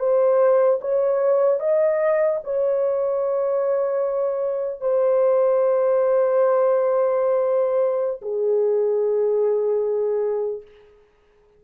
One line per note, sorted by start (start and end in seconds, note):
0.00 0.80 C5
0.81 1.60 C#5
1.60 2.40 D#5
2.44 4.81 C#5
4.81 8.21 C5
8.22 10.62 G#4